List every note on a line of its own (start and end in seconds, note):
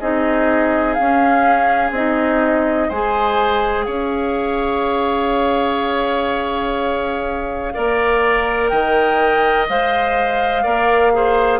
0.00 0.98 C4
0.00 0.98 D#4
0.00 2.89 G#4
0.00 0.94 D#5
0.94 1.91 C#4
0.94 1.90 F5
1.01 1.95 C#4
1.91 2.88 C4
1.91 2.92 D#4
1.91 2.90 D#5
2.89 3.87 G#3
2.89 7.74 G#4
2.89 3.85 C5
2.89 3.85 G#5
3.85 7.74 C#4
3.85 7.73 C#5
3.85 8.69 F5
7.74 8.72 A#3
7.74 9.68 A#4
7.74 8.71 D5
8.69 9.69 D#3
8.69 10.63 D#5
8.69 9.66 G5
9.69 10.65 G#3
9.69 10.64 C5
9.69 11.60 F5
10.63 11.60 A#3
10.63 11.12 A#4
10.63 11.11 D5
11.13 11.60 G#4
11.13 11.60 C5